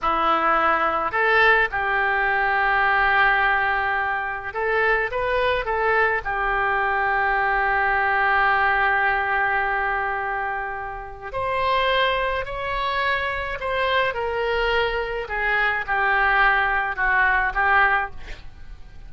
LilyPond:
\new Staff \with { instrumentName = "oboe" } { \time 4/4 \tempo 4 = 106 e'2 a'4 g'4~ | g'1 | a'4 b'4 a'4 g'4~ | g'1~ |
g'1 | c''2 cis''2 | c''4 ais'2 gis'4 | g'2 fis'4 g'4 | }